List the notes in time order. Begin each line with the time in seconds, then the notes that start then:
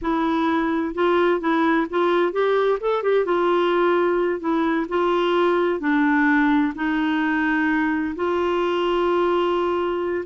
0.01 E4
0.94 F4
1.40 E4
1.89 F4
2.32 G4
2.80 A4
3.02 G4
3.25 F4
4.40 E4
4.88 F4
5.80 D4
6.75 D#4
8.15 F4